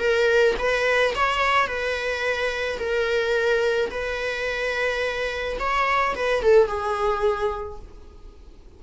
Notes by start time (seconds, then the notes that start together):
0.00 A#4
0.59 B4
1.15 C#5
1.68 B4
2.79 A#4
3.91 B4
5.60 C#5
6.16 B4
6.43 A4
6.68 G#4